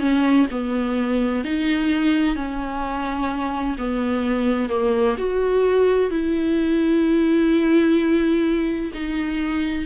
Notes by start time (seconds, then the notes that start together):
0.00 C#4
0.51 B3
1.45 D#4
2.36 C#4
3.78 B3
4.70 A#3
5.18 F#4
6.11 E4
8.94 D#4